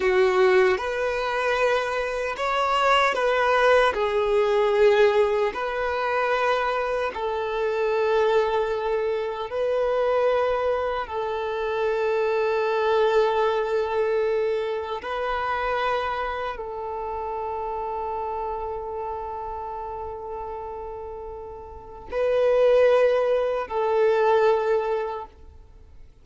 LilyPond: \new Staff \with { instrumentName = "violin" } { \time 4/4 \tempo 4 = 76 fis'4 b'2 cis''4 | b'4 gis'2 b'4~ | b'4 a'2. | b'2 a'2~ |
a'2. b'4~ | b'4 a'2.~ | a'1 | b'2 a'2 | }